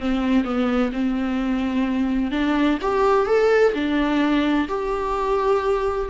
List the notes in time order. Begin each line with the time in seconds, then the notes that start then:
0.00 C4
0.44 B3
0.92 C4
2.31 D4
2.81 G4
3.26 A4
3.74 D4
4.68 G4